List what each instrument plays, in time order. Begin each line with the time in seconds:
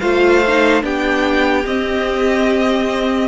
0.00 cello A3, viola F4, violin C5 F5
0.47 viola D#4
0.82 cello B3, viola D4, violin G4 G5
1.66 cello C4, viola C4, violin D#5